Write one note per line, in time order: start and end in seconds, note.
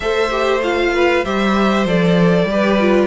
0.00 1.24 A3
0.00 0.30 A4
0.00 0.93 C5
0.00 0.61 E5
0.30 0.61 G4
0.62 1.24 F4
0.62 1.24 F5
0.93 1.24 B4
1.24 1.85 G3
1.24 1.86 G4
1.24 2.48 C5
1.24 1.86 E5
1.85 2.44 F3
1.85 2.48 A4
1.85 3.07 D5
2.44 3.06 G3
2.50 2.80 G4
2.50 3.07 B4
2.80 3.07 F4